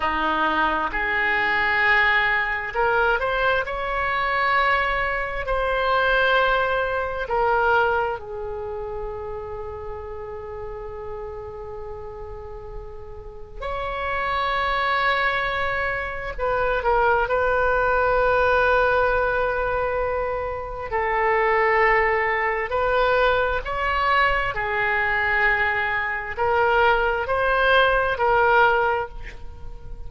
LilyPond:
\new Staff \with { instrumentName = "oboe" } { \time 4/4 \tempo 4 = 66 dis'4 gis'2 ais'8 c''8 | cis''2 c''2 | ais'4 gis'2.~ | gis'2. cis''4~ |
cis''2 b'8 ais'8 b'4~ | b'2. a'4~ | a'4 b'4 cis''4 gis'4~ | gis'4 ais'4 c''4 ais'4 | }